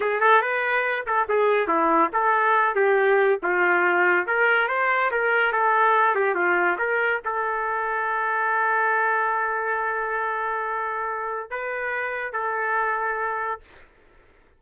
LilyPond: \new Staff \with { instrumentName = "trumpet" } { \time 4/4 \tempo 4 = 141 gis'8 a'8 b'4. a'8 gis'4 | e'4 a'4. g'4. | f'2 ais'4 c''4 | ais'4 a'4. g'8 f'4 |
ais'4 a'2.~ | a'1~ | a'2. b'4~ | b'4 a'2. | }